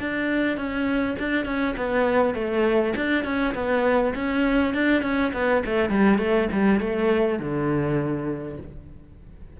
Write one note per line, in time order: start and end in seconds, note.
0.00 0.58 D4
0.58 1.17 C#4
1.19 1.45 D4
1.45 1.75 C#4
1.77 2.35 B3
2.35 2.94 A3
2.96 3.25 D4
3.25 3.54 C#4
3.55 4.14 B3
4.15 4.74 C#4
4.74 5.03 D4
5.03 5.32 C#4
5.34 5.64 B3
5.66 5.90 A3
5.90 6.19 G3
6.19 6.49 A3
6.52 6.80 G3
6.80 7.40 A3
7.40 8.58 D3